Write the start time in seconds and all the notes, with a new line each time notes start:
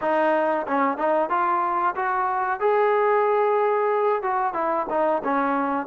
0.01 D#4
0.67 C#4
0.97 D#4
1.29 F4
1.95 F#4
2.60 G#4
4.22 F#4
4.53 E4
4.89 D#4
5.24 C#4